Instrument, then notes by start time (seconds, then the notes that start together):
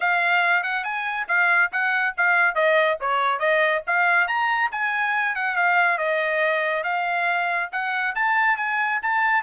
trumpet
0.00 F5
0.63 F#5
0.84 G#5
1.28 F5
1.71 F#5
2.17 F5
2.55 D#5
3.00 C#5
3.39 D#5
3.86 F5
4.27 A#5
4.71 G#5
5.35 F#5
5.56 F5
5.98 D#5
6.83 F5
7.72 F#5
8.15 A5
8.56 G#5
9.02 A5